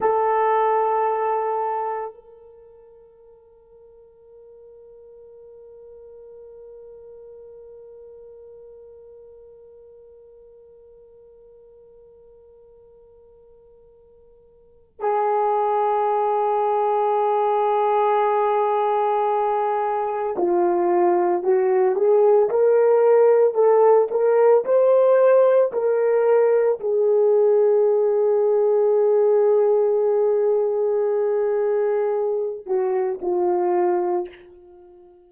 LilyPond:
\new Staff \with { instrumentName = "horn" } { \time 4/4 \tempo 4 = 56 a'2 ais'2~ | ais'1~ | ais'1~ | ais'2 gis'2~ |
gis'2. f'4 | fis'8 gis'8 ais'4 a'8 ais'8 c''4 | ais'4 gis'2.~ | gis'2~ gis'8 fis'8 f'4 | }